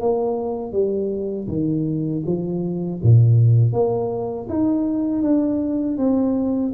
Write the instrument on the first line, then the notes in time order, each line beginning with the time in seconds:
tuba
0.00 A#3
0.72 G3
1.48 D#3
2.26 F3
3.02 A#2
3.73 A#3
4.49 D#4
5.22 D4
5.98 C4